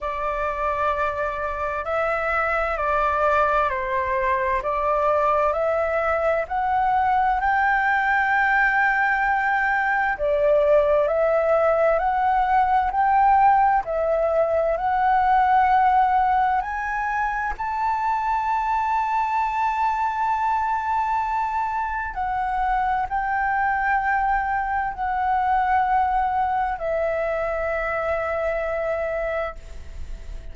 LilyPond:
\new Staff \with { instrumentName = "flute" } { \time 4/4 \tempo 4 = 65 d''2 e''4 d''4 | c''4 d''4 e''4 fis''4 | g''2. d''4 | e''4 fis''4 g''4 e''4 |
fis''2 gis''4 a''4~ | a''1 | fis''4 g''2 fis''4~ | fis''4 e''2. | }